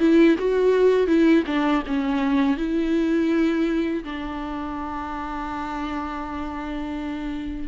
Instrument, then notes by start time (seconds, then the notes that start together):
viola
0.00 E4
0.39 F#4
1.07 E4
1.47 D4
1.87 C#4
2.57 E4
4.04 D4